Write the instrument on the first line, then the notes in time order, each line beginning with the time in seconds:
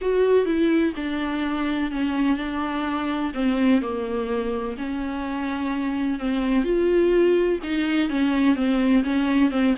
viola
0.01 F#4
0.45 E4
0.95 D4
1.91 C#4
2.37 D4
3.33 C4
3.81 A#3
4.77 C#4
6.19 C4
6.64 F4
7.63 D#4
8.09 C#4
8.55 C4
9.03 C#4
9.51 C4